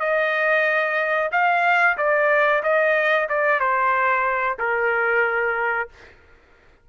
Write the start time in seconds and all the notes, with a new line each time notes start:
0.00 D#5
1.32 F5
1.98 D5
2.63 D#5
3.29 D5
3.60 C5
4.59 A#4